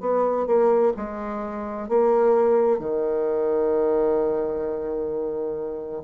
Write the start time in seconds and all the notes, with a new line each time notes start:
0.00 B3
0.46 A#3
0.96 G#3
1.88 A#3
2.79 D#3